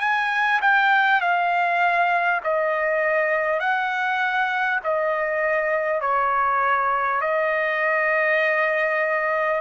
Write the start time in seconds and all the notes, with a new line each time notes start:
0.00 G#5
0.61 G5
1.21 F5
2.43 D#5
3.59 F#5
4.84 D#5
6.01 C#5
7.21 D#5